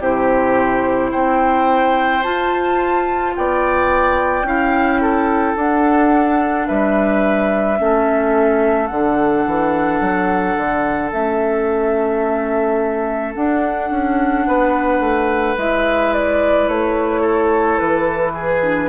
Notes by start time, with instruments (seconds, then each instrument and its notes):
0.00 bassoon C3, clarinet E4, oboe G4, flute C5
1.11 bassoon C4, oboe C5, flute G5
2.23 clarinet F4, bassoon F4, flute A5
3.35 bassoon B3, oboe D5, flute G5
4.43 bassoon C#4, clarinet E4, oboe F5
5.02 oboe A4
5.56 bassoon D4, clarinet D4, flute F#5
6.67 bassoon G3, oboe B4, flute E5
7.78 bassoon A3, clarinet C#4, oboe A4
8.87 bassoon D3, clarinet D4, flute F#5
9.46 bassoon E3
10.01 bassoon F#3
10.57 bassoon D3
11.12 bassoon A3, clarinet C#4, flute E5
13.35 clarinet D4, bassoon D4, flute F#5
13.91 bassoon C#4
14.47 bassoon B3, oboe B4
15.00 bassoon A3
15.57 bassoon G#3, clarinet E4, flute E5
16.14 flute D5
16.68 bassoon A3, flute C#5
17.21 oboe A4
17.79 bassoon E3, flute B4
18.34 oboe G#4
18.63 clarinet D4